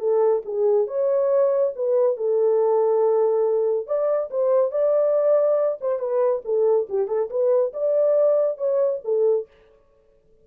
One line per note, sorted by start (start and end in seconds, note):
0.00 0.43 A4
0.46 0.88 G#4
0.88 1.73 C#5
1.76 2.17 B4
2.17 3.87 A4
3.87 4.30 D5
4.31 4.72 C5
4.72 5.79 D5
5.81 6.00 C5
6.00 6.42 B4
6.45 6.88 A4
6.89 7.08 G4
7.08 7.30 A4
7.30 7.73 B4
7.74 8.58 D5
8.58 9.01 C#5
9.05 9.48 A4